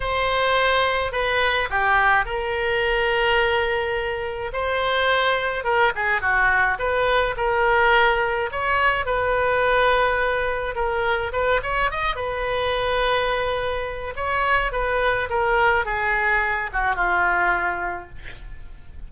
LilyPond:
\new Staff \with { instrumentName = "oboe" } { \time 4/4 \tempo 4 = 106 c''2 b'4 g'4 | ais'1 | c''2 ais'8 gis'8 fis'4 | b'4 ais'2 cis''4 |
b'2. ais'4 | b'8 cis''8 dis''8 b'2~ b'8~ | b'4 cis''4 b'4 ais'4 | gis'4. fis'8 f'2 | }